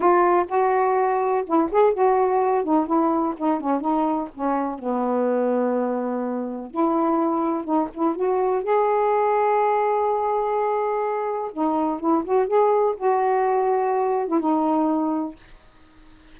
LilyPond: \new Staff \with { instrumentName = "saxophone" } { \time 4/4 \tempo 4 = 125 f'4 fis'2 e'8 gis'8 | fis'4. dis'8 e'4 dis'8 cis'8 | dis'4 cis'4 b2~ | b2 e'2 |
dis'8 e'8 fis'4 gis'2~ | gis'1 | dis'4 e'8 fis'8 gis'4 fis'4~ | fis'4.~ fis'16 e'16 dis'2 | }